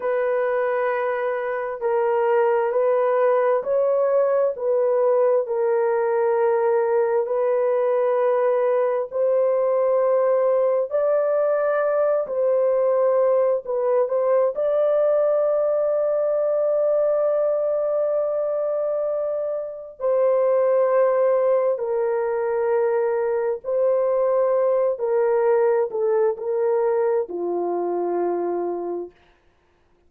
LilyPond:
\new Staff \with { instrumentName = "horn" } { \time 4/4 \tempo 4 = 66 b'2 ais'4 b'4 | cis''4 b'4 ais'2 | b'2 c''2 | d''4. c''4. b'8 c''8 |
d''1~ | d''2 c''2 | ais'2 c''4. ais'8~ | ais'8 a'8 ais'4 f'2 | }